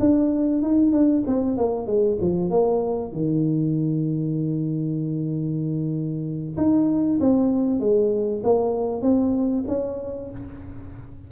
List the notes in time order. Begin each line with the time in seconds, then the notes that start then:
0.00 D4
0.62 D#4
0.92 D4
1.27 C4
1.58 A#3
1.87 G#3
2.21 F3
2.50 A#3
3.12 D#3
6.57 D#4
7.20 C4
7.80 G#3
8.43 A#3
9.02 C4
9.68 C#4